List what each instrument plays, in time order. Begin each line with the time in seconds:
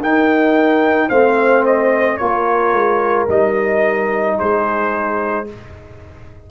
0.00 tuba D#4, trombone D#4, horn A#4, trumpet G5
1.08 tuba A3, trombone C4, horn C5, trumpet F5
1.65 trumpet D#5
2.17 tuba A#3, trombone F4, horn A#4, trumpet C#5
2.73 tuba G#3
3.28 tuba G3, trombone D#4, trumpet D#5
4.38 tuba G#3, horn G#4, trumpet C5